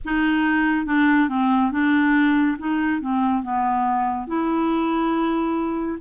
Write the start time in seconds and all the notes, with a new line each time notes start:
0.04 D#4
0.86 D4
1.29 C4
1.71 D4
2.58 D#4
3.01 C4
3.43 B3
4.27 E4